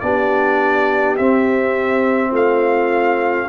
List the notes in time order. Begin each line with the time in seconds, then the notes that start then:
0.00 B3 D4 G4 D5
1.17 C4 E5
2.30 A3 F4 F5